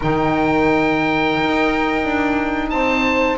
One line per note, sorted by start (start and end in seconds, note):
0.00 1.38 D#3
0.00 3.38 D#4
0.00 2.69 A#4
0.00 2.69 G5
1.38 2.04 D#4
2.04 2.71 D4
2.69 3.38 C4
2.69 3.38 C5
2.69 3.37 A5